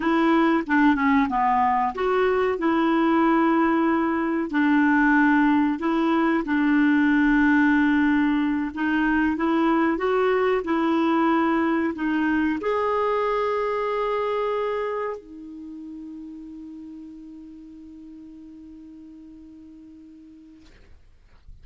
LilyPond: \new Staff \with { instrumentName = "clarinet" } { \time 4/4 \tempo 4 = 93 e'4 d'8 cis'8 b4 fis'4 | e'2. d'4~ | d'4 e'4 d'2~ | d'4. dis'4 e'4 fis'8~ |
fis'8 e'2 dis'4 gis'8~ | gis'2.~ gis'8 dis'8~ | dis'1~ | dis'1 | }